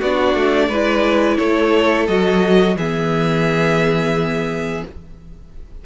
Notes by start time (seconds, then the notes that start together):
0.00 B3 D4 F#4 D5
0.34 A3
0.68 G#3 E4 B4
1.37 A3 A4 C#5
2.08 F#3 F#4 D#5
2.76 E3 B3 G#4 E5